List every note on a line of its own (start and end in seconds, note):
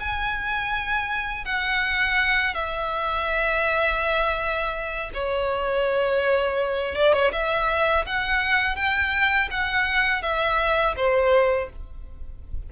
0.00 1.45 G#5
1.45 2.54 F#5
2.54 5.11 E5
5.14 6.95 C#5
6.95 7.13 D5
7.13 7.31 C#5
7.32 8.06 E5
8.07 8.76 F#5
8.76 9.49 G5
9.51 10.22 F#5
10.22 10.96 E5
10.96 11.69 C5